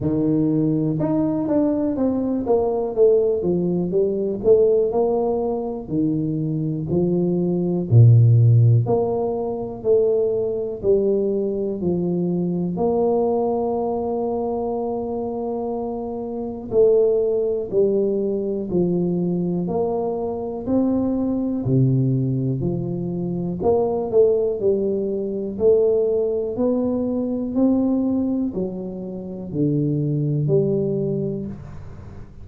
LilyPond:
\new Staff \with { instrumentName = "tuba" } { \time 4/4 \tempo 4 = 61 dis4 dis'8 d'8 c'8 ais8 a8 f8 | g8 a8 ais4 dis4 f4 | ais,4 ais4 a4 g4 | f4 ais2.~ |
ais4 a4 g4 f4 | ais4 c'4 c4 f4 | ais8 a8 g4 a4 b4 | c'4 fis4 d4 g4 | }